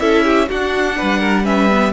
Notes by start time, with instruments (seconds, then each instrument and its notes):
0.00 cello C#4, viola E4, violin A4 E5
0.24 violin G4
0.48 cello D4, viola D4, violin F#4 F#5
0.97 cello G3, violin B4
1.20 violin A#4
1.44 viola C#4, violin B4 E5
1.71 viola B3